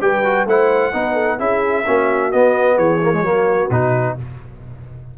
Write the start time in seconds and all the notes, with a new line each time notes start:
0.00 G3 G4 B4 G5
0.23 F#4
0.45 A3 E4 C5 F#5
0.92 B3 D#4 B4
1.13 A4
1.38 C#4 E4 G#4 E5
1.84 A#3 C#4 F#4
2.31 B3 D#5
2.76 E3 G#4 C#5
3.02 A#3
3.12 G#3
3.21 F#3 A#3 F#4
3.70 B2 D#4 B4